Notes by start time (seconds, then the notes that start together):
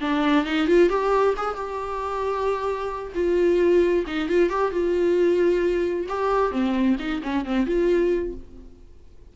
0.00 D4
0.44 D#4
0.67 F4
0.89 G4
1.36 G#4
1.55 G4
3.14 F4
4.06 D#4
4.29 F4
4.49 G4
4.71 F4
6.08 G4
6.51 C4
6.99 D#4
7.22 C#4
7.45 C4
7.66 F4